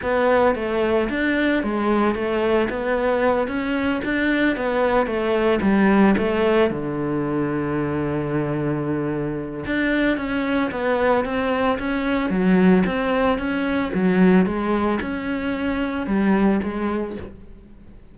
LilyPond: \new Staff \with { instrumentName = "cello" } { \time 4/4 \tempo 4 = 112 b4 a4 d'4 gis4 | a4 b4. cis'4 d'8~ | d'8 b4 a4 g4 a8~ | a8 d2.~ d8~ |
d2 d'4 cis'4 | b4 c'4 cis'4 fis4 | c'4 cis'4 fis4 gis4 | cis'2 g4 gis4 | }